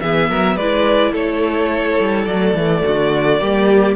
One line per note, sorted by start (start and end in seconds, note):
0.00 0.29 E3
0.00 0.59 B3
0.00 0.30 G#4
0.00 0.56 E5
0.29 0.56 F#3
0.29 0.56 A#4
0.56 1.12 G#3
0.56 2.29 E4
0.56 1.12 B4
0.56 1.13 D5
1.12 1.98 A3
1.12 2.82 A4
1.12 2.25 C#5
2.00 2.26 G3
2.25 2.54 F#3
2.25 3.38 A3
2.25 3.95 D5
2.54 2.82 E3
2.84 3.40 D3
2.84 3.40 F#4
3.38 3.95 G3
3.38 3.95 A#3
3.38 3.95 G4